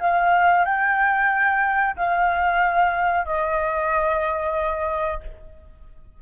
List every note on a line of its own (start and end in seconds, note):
0.00 0.65 F5
0.65 1.96 G5
1.96 3.25 F5
3.25 5.21 D#5